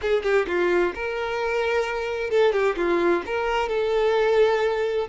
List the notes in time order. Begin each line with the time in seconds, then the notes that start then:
0.01 G#4
0.22 G4
0.47 F4
0.94 A#4
2.30 A4
2.52 G4
2.76 F4
3.26 A#4
3.69 A4